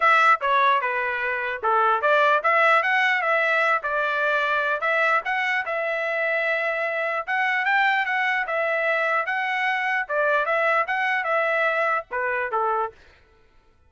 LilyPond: \new Staff \with { instrumentName = "trumpet" } { \time 4/4 \tempo 4 = 149 e''4 cis''4 b'2 | a'4 d''4 e''4 fis''4 | e''4. d''2~ d''8 | e''4 fis''4 e''2~ |
e''2 fis''4 g''4 | fis''4 e''2 fis''4~ | fis''4 d''4 e''4 fis''4 | e''2 b'4 a'4 | }